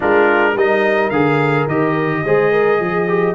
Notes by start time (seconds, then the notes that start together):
0.00 G#3 D4 F4 A#4
0.54 G3 D#4 A#4 D#5
1.10 D3 G#4 F5
1.66 D#3 G4 D#5
2.25 G#3 G#4 C5
2.51 A#4
2.79 F3 G#4
3.08 G4